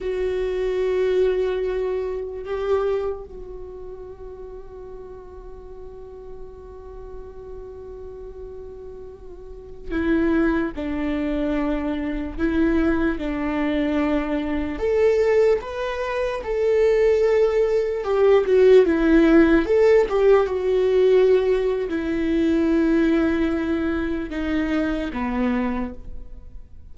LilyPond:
\new Staff \with { instrumentName = "viola" } { \time 4/4 \tempo 4 = 74 fis'2. g'4 | fis'1~ | fis'1~ | fis'16 e'4 d'2 e'8.~ |
e'16 d'2 a'4 b'8.~ | b'16 a'2 g'8 fis'8 e'8.~ | e'16 a'8 g'8 fis'4.~ fis'16 e'4~ | e'2 dis'4 b4 | }